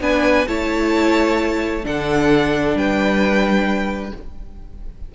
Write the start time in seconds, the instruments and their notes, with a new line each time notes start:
0.00 cello B3, viola D4, violin B4 G#5
0.47 cello A3, viola E4, violin C#5 A5
1.82 cello D3, viola D4, violin A4 F#5
2.74 cello G3, violin B4 G5